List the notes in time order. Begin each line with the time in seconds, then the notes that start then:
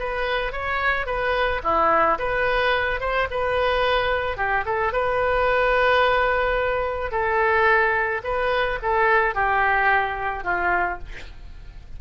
0.00 B4
0.53 C#5
1.07 B4
1.64 E4
2.19 B4
3.01 C5
3.31 B4
4.37 G4
4.66 A4
4.93 B4
7.12 A4
8.24 B4
8.83 A4
9.35 G4
10.44 F4